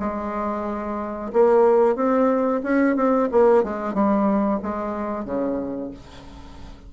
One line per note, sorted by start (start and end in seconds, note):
0.00 1.32 G#3
1.33 1.96 A#3
1.96 2.62 C4
2.64 2.96 C#4
2.96 3.29 C4
3.32 3.64 A#3
3.64 3.95 G#3
3.95 4.61 G3
4.63 5.25 G#3
5.25 5.91 C#3